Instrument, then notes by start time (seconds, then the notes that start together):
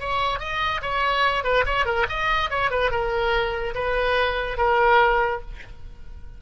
oboe
0.00 C#5
0.39 D#5
0.82 C#5
1.44 B4
1.66 C#5
1.85 A#4
2.09 D#5
2.50 C#5
2.71 B4
2.91 A#4
3.75 B4
4.57 A#4